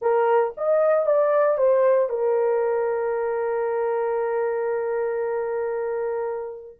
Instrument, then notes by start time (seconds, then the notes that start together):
horn
0.01 A#4
0.57 D#5
1.06 D5
1.57 C5
2.09 A#4